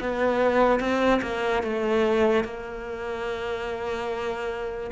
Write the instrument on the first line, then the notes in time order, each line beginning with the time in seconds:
cello
0.00 B3
0.80 C4
1.22 A#3
1.63 A3
2.44 A#3